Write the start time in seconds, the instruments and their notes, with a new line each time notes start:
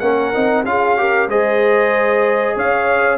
0.00 tuba A#3, trombone C#4, horn A#4, trumpet F#5
0.34 tuba C4, trombone D#4
0.65 tuba C#4, trombone F4, horn G#4, trumpet F5
0.97 trombone G4, horn A#4
1.28 tuba G#3, trombone G#4, horn C5, trumpet D#5
2.56 tuba C#4, horn C#5, trumpet F5